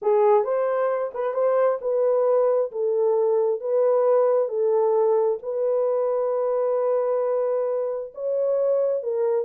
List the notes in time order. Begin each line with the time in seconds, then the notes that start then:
0.02 G#4
0.44 C5
1.14 B4
1.33 C5
1.81 B4
2.71 A4
3.60 B4
4.48 A4
5.42 B4
8.14 C#5
9.02 A#4